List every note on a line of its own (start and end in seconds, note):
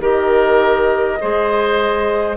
0.00 1.18 D#3
0.00 1.18 G4
0.00 1.19 A#4
0.00 2.37 D#5
1.20 2.37 G#3
1.20 2.37 G#4
1.20 2.37 C5